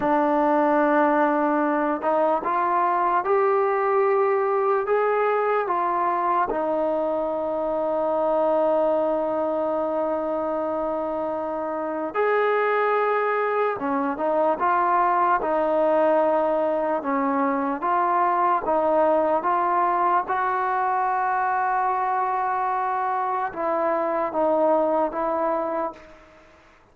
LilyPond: \new Staff \with { instrumentName = "trombone" } { \time 4/4 \tempo 4 = 74 d'2~ d'8 dis'8 f'4 | g'2 gis'4 f'4 | dis'1~ | dis'2. gis'4~ |
gis'4 cis'8 dis'8 f'4 dis'4~ | dis'4 cis'4 f'4 dis'4 | f'4 fis'2.~ | fis'4 e'4 dis'4 e'4 | }